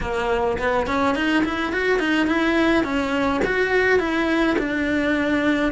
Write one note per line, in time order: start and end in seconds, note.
0.01 0.58 A#3
0.58 0.86 B3
0.86 1.15 C#4
1.15 1.43 D#4
1.44 1.72 E4
1.72 1.99 F#4
1.99 2.26 D#4
2.26 2.83 E4
2.83 3.41 C#4
3.44 3.99 F#4
3.99 4.56 E4
4.58 5.71 D4